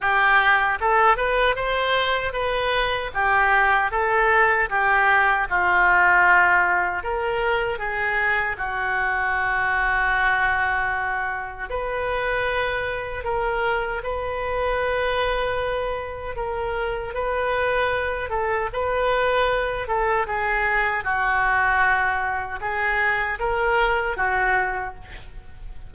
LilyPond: \new Staff \with { instrumentName = "oboe" } { \time 4/4 \tempo 4 = 77 g'4 a'8 b'8 c''4 b'4 | g'4 a'4 g'4 f'4~ | f'4 ais'4 gis'4 fis'4~ | fis'2. b'4~ |
b'4 ais'4 b'2~ | b'4 ais'4 b'4. a'8 | b'4. a'8 gis'4 fis'4~ | fis'4 gis'4 ais'4 fis'4 | }